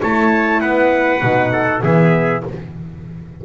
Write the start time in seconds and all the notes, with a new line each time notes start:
0.00 A3 E4 C#5 A5
0.61 B3 B4 F#5
1.21 B2 D#4
1.52 A4
1.83 E3 B3 G#4 E5